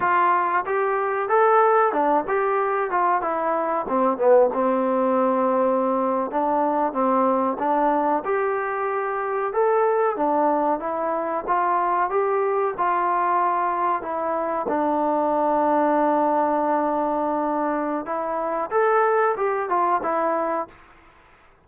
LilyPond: \new Staff \with { instrumentName = "trombone" } { \time 4/4 \tempo 4 = 93 f'4 g'4 a'4 d'8 g'8~ | g'8 f'8 e'4 c'8 b8 c'4~ | c'4.~ c'16 d'4 c'4 d'16~ | d'8. g'2 a'4 d'16~ |
d'8. e'4 f'4 g'4 f'16~ | f'4.~ f'16 e'4 d'4~ d'16~ | d'1 | e'4 a'4 g'8 f'8 e'4 | }